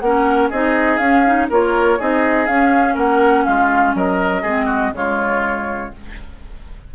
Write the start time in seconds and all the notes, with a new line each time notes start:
0.00 A#3 C#4 A#4 F#5
0.50 C4 D#4 G#4 D#5
0.97 C#4 F5
1.25 D#4
1.50 A#3 F4 A#4 C#5
1.99 C4 D#4 G#4 D#5
2.47 C#4 F5
2.94 A#3 A#4 F#5
3.45 G#3 F4 F5
3.94 F#3 A#4 D#5
4.42 G#3 C4 G#4
4.66 F#4
4.92 C#3 G#3 F4 C#5